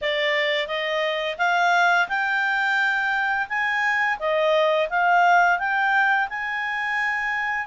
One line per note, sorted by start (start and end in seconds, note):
0.01 0.67 D5
0.67 1.37 D#5
1.38 2.07 F5
2.08 3.47 G5
3.49 4.18 G#5
4.19 4.88 D#5
4.89 5.58 F5
5.58 6.28 G5
6.29 7.66 G#5